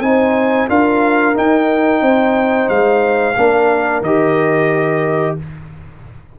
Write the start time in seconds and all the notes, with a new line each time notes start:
0.00 C4 D#4 G#5
0.07 C5
0.69 D4 F4 A#4 F5
1.34 D#4 G5
2.02 C4 C5
2.69 G#3 F5
3.37 A#3 D4 A#4
4.01 D#3 G4 D#5